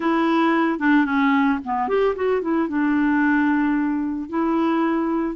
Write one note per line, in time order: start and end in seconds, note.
0.00 0.79 E4
0.79 1.05 D4
1.05 1.59 C#4
1.64 1.88 B3
1.88 2.15 G4
2.15 2.41 F#4
2.41 2.68 E4
2.68 4.29 D4
4.29 5.35 E4